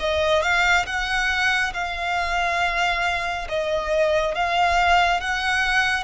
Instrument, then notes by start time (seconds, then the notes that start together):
violin
0.00 D#5
0.43 F5
0.87 F#5
1.74 F5
3.49 D#5
4.35 F5
5.21 F#5